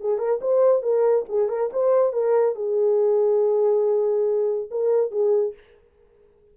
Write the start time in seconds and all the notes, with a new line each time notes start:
0.00 G#4
0.18 A#4
0.41 C5
0.82 A#4
1.29 G#4
1.48 A#4
1.73 C5
2.12 A#4
2.55 G#4
4.70 A#4
5.11 G#4